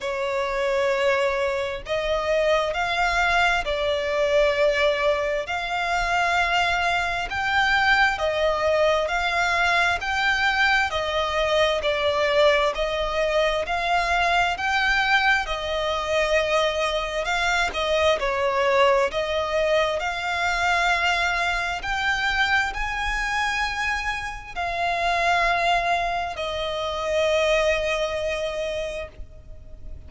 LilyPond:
\new Staff \with { instrumentName = "violin" } { \time 4/4 \tempo 4 = 66 cis''2 dis''4 f''4 | d''2 f''2 | g''4 dis''4 f''4 g''4 | dis''4 d''4 dis''4 f''4 |
g''4 dis''2 f''8 dis''8 | cis''4 dis''4 f''2 | g''4 gis''2 f''4~ | f''4 dis''2. | }